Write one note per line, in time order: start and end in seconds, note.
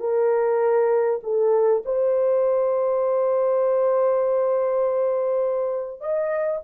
0.00 1.20 A#4
1.23 1.83 A4
1.85 6.01 C5
6.01 6.61 D#5